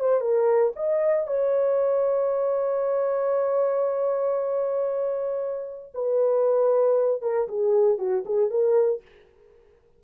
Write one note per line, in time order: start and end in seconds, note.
0.00 0.21 C5
0.21 0.73 A#4
0.76 1.27 D#5
1.27 5.92 C#5
5.94 7.22 B4
7.22 7.48 A#4
7.48 7.98 G#4
7.98 8.24 F#4
8.26 8.50 G#4
8.50 9.02 A#4